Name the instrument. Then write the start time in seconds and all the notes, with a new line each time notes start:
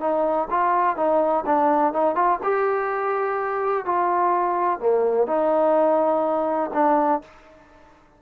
trombone
0.00 D#4
0.50 F4
0.96 D#4
1.46 D4
1.94 D#4
2.15 F4
2.43 G4
3.86 F4
4.80 A#3
5.27 D#4
6.74 D4